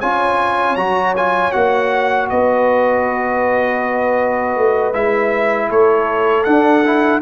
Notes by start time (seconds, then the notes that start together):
0.00 C#4 F4 C#5 G#5
0.76 F#3 F#4 A#5
1.17 F4 G#5
1.52 A#3 F#4 F#5
2.30 B3 B4 D#5
4.56 A3
4.94 G#3 E4 E5
5.69 A3 A4 C#5
6.44 D4 F#5
6.86 E4